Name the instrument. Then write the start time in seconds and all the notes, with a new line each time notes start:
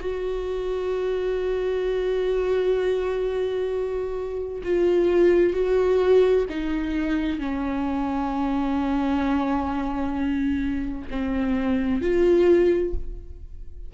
viola
0.00 F#4
4.63 F4
5.53 F#4
6.49 D#4
7.39 C#4
11.10 C4
12.01 F4